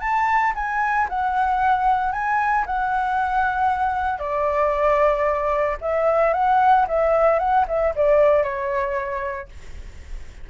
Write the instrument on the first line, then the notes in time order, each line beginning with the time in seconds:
flute
0.00 A5
0.55 G#5
1.09 F#5
2.12 G#5
2.66 F#5
4.19 D5
5.81 E5
6.33 F#5
6.87 E5
7.39 F#5
7.68 E5
7.95 D5
8.43 C#5